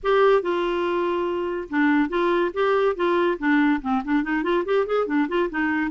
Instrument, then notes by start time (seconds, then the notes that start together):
clarinet
0.03 G4
0.41 F4
1.69 D4
2.09 F4
2.53 G4
2.95 F4
3.38 D4
3.81 C4
4.04 D4
4.23 D#4
4.43 F4
4.65 G4
4.86 G#4
5.06 D4
5.28 F4
5.49 D#4